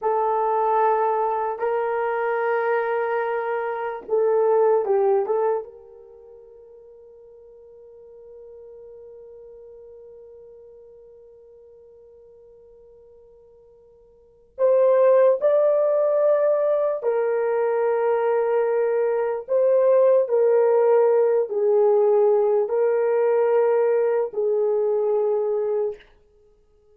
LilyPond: \new Staff \with { instrumentName = "horn" } { \time 4/4 \tempo 4 = 74 a'2 ais'2~ | ais'4 a'4 g'8 a'8 ais'4~ | ais'1~ | ais'1~ |
ais'2 c''4 d''4~ | d''4 ais'2. | c''4 ais'4. gis'4. | ais'2 gis'2 | }